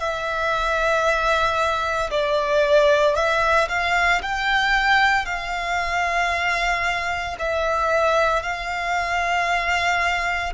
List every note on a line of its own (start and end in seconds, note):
0.00 2.11 E5
2.11 3.16 D5
3.16 3.68 E5
3.69 4.22 F5
4.22 5.26 G5
5.26 7.36 F5
7.40 8.43 E5
8.43 10.54 F5